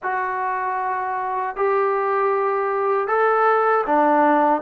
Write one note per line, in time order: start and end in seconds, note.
0.02 1.56 F#4
1.56 3.07 G4
3.07 3.84 A4
3.86 4.61 D4